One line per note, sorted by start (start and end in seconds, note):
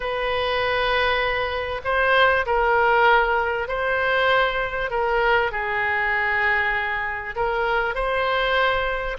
0.00 1.81 B4
1.84 2.45 C5
2.46 3.68 A#4
3.68 4.90 C5
4.90 5.51 A#4
5.51 7.35 G#4
7.35 7.94 A#4
7.94 9.17 C5